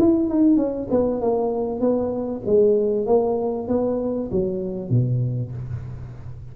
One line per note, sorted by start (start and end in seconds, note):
0.00 0.29 E4
0.29 0.57 D#4
0.57 0.88 C#4
0.91 1.21 B3
1.21 1.81 A#3
1.81 2.43 B3
2.47 3.07 G#3
3.07 3.68 A#3
3.68 4.30 B3
4.32 4.90 F#3
4.90 5.52 B2